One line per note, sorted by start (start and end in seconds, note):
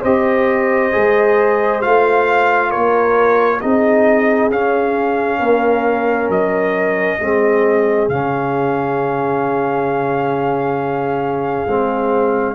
0.00 0.93 C4
0.00 0.91 G4
0.00 2.69 C5
0.00 1.81 D#5
0.91 1.85 G#3
0.91 1.81 G#4
1.81 2.75 A3
1.81 3.60 F4
1.81 2.71 F5
2.69 3.64 A#3
2.69 3.59 A#4
2.69 3.60 C#5
3.60 4.50 C4
3.60 4.51 D#4
3.60 5.39 G#4
3.60 4.50 D#5
4.50 5.40 C#4
4.50 7.20 C#4
4.50 6.30 F5
5.39 6.29 A#3
5.39 7.18 A#4
6.29 7.18 F#3
6.29 8.08 D#5
7.19 8.08 G#3
7.19 8.10 C4
7.19 12.54 G#4
8.08 11.66 C#3
8.08 11.67 C#4
8.08 12.54 F5
11.67 12.54 G#3
11.67 12.54 C4